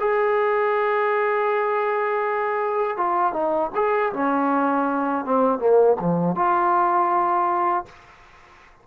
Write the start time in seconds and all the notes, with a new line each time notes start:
0.00 G#4
2.97 F4
3.33 D#4
3.75 G#4
4.13 C#4
5.25 C4
5.59 A#3
6.00 F3
6.35 F4